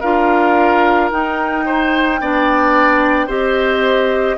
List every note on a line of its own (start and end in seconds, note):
0.00 1.11 D4
0.00 1.11 F4
0.00 1.64 A#4
0.00 1.09 F5
1.11 2.20 D#4
1.11 3.29 G5
1.65 2.20 C5
2.20 3.27 B3
2.20 3.28 D4
2.20 3.26 D5
3.26 4.36 C4
3.26 4.37 G4
3.26 4.35 C5
3.26 4.37 D#5